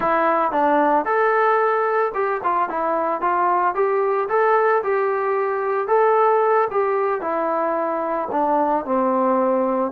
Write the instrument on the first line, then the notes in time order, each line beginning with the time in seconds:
trombone
0.00 E4
0.51 D4
1.05 A4
2.14 G4
2.43 F4
2.69 E4
3.21 F4
3.75 G4
4.28 A4
4.83 G4
5.87 A4
6.70 G4
7.21 E4
8.31 D4
8.85 C4